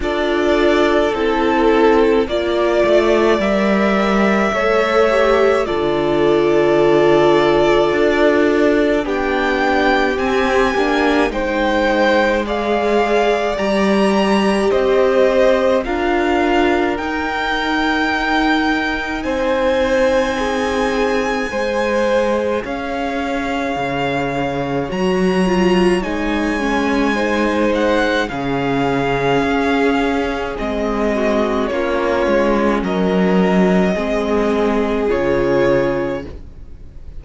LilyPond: <<
  \new Staff \with { instrumentName = "violin" } { \time 4/4 \tempo 4 = 53 d''4 a'4 d''4 e''4~ | e''4 d''2. | g''4 gis''4 g''4 f''4 | ais''4 dis''4 f''4 g''4~ |
g''4 gis''2. | f''2 ais''4 gis''4~ | gis''8 fis''8 f''2 dis''4 | cis''4 dis''2 cis''4 | }
  \new Staff \with { instrumentName = "violin" } { \time 4/4 a'2 d''2 | cis''4 a'2. | g'2 c''4 d''4~ | d''4 c''4 ais'2~ |
ais'4 c''4 gis'4 c''4 | cis''1 | c''4 gis'2~ gis'8 fis'8 | f'4 ais'4 gis'2 | }
  \new Staff \with { instrumentName = "viola" } { \time 4/4 f'4 e'4 f'4 ais'4 | a'8 g'8 f'2. | d'4 c'8 d'8 dis'4 gis'4 | g'2 f'4 dis'4~ |
dis'2. gis'4~ | gis'2 fis'8 f'8 dis'8 cis'8 | dis'4 cis'2 c'4 | cis'2 c'4 f'4 | }
  \new Staff \with { instrumentName = "cello" } { \time 4/4 d'4 c'4 ais8 a8 g4 | a4 d2 d'4 | b4 c'8 ais8 gis2 | g4 c'4 d'4 dis'4~ |
dis'4 c'2 gis4 | cis'4 cis4 fis4 gis4~ | gis4 cis4 cis'4 gis4 | ais8 gis8 fis4 gis4 cis4 | }
>>